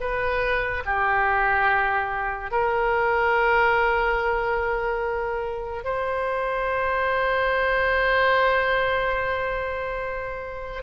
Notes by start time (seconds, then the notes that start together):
0.00 B4
0.85 G4
2.51 A#4
5.84 C5